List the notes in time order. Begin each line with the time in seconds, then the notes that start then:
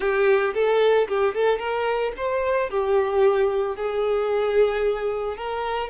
0.00 G4
0.54 A4
1.08 G4
1.34 A4
1.58 A#4
2.16 C5
2.70 G4
3.75 G#4
5.36 A#4